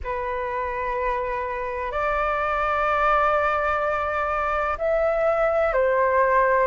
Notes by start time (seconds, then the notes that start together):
0.03 B4
1.91 D5
4.78 E5
5.73 C5